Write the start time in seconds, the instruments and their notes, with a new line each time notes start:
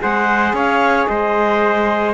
0.00 cello G#3, saxophone G#4, trumpet C5, clarinet F#5
0.53 cello C#4, trumpet C#5, clarinet F5
1.07 cello G#3, trumpet C5, clarinet D#5